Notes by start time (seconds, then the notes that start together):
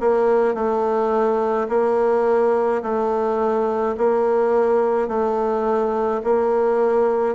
0.00 A#3
0.55 A3
1.69 A#3
2.83 A3
3.98 A#3
5.08 A3
6.24 A#3